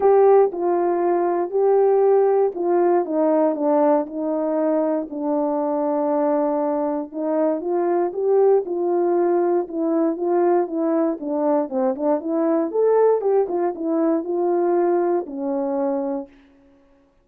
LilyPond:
\new Staff \with { instrumentName = "horn" } { \time 4/4 \tempo 4 = 118 g'4 f'2 g'4~ | g'4 f'4 dis'4 d'4 | dis'2 d'2~ | d'2 dis'4 f'4 |
g'4 f'2 e'4 | f'4 e'4 d'4 c'8 d'8 | e'4 a'4 g'8 f'8 e'4 | f'2 cis'2 | }